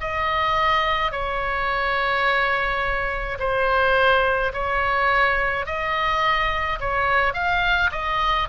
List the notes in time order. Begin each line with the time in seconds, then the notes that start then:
0.00 D#5
1.12 C#5
3.39 C5
4.53 C#5
5.66 D#5
6.80 C#5
7.33 F5
7.91 D#5